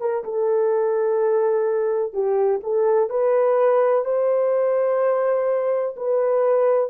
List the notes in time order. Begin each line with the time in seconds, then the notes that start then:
0.00 A#4
0.24 A4
2.13 G4
2.63 A4
3.10 B4
4.05 C5
5.97 B4